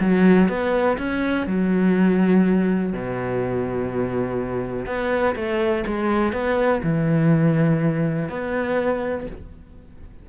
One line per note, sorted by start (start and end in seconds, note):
0.00 0.48 F#3
0.48 0.97 B3
0.98 1.46 C#4
1.46 2.93 F#3
2.93 4.86 B2
4.86 5.35 B3
5.35 5.84 A3
5.86 6.33 G#3
6.33 6.81 B3
6.83 8.29 E3
8.29 9.26 B3